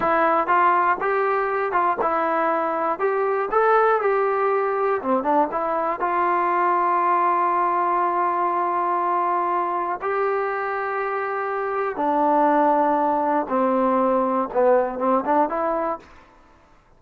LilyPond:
\new Staff \with { instrumentName = "trombone" } { \time 4/4 \tempo 4 = 120 e'4 f'4 g'4. f'8 | e'2 g'4 a'4 | g'2 c'8 d'8 e'4 | f'1~ |
f'1 | g'1 | d'2. c'4~ | c'4 b4 c'8 d'8 e'4 | }